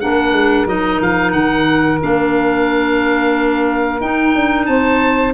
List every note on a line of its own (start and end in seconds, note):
0.00 0.32 A#3
0.00 0.67 D4
0.00 4.67 A#4
0.00 0.67 F#5
0.32 0.65 G#3
0.65 0.99 F#3
0.65 2.00 D#4
0.65 1.01 D#5
1.01 1.32 F3
1.01 1.31 F5
1.31 1.99 D#3
1.31 1.98 F#5
2.00 4.00 A#3
2.00 4.00 D4
2.00 4.01 F5
4.00 4.34 D#4
4.00 5.33 D#4
4.00 4.66 G5
4.34 4.67 D4
4.66 5.33 C4
4.66 5.33 C5
4.66 5.32 A5